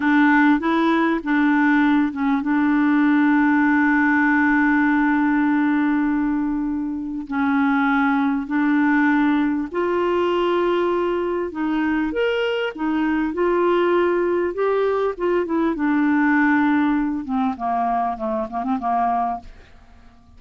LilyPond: \new Staff \with { instrumentName = "clarinet" } { \time 4/4 \tempo 4 = 99 d'4 e'4 d'4. cis'8 | d'1~ | d'1 | cis'2 d'2 |
f'2. dis'4 | ais'4 dis'4 f'2 | g'4 f'8 e'8 d'2~ | d'8 c'8 ais4 a8 ais16 c'16 ais4 | }